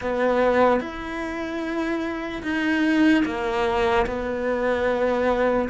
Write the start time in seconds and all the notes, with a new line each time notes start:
0.01 B3
0.80 E4
2.43 D#4
3.25 A#3
4.06 B3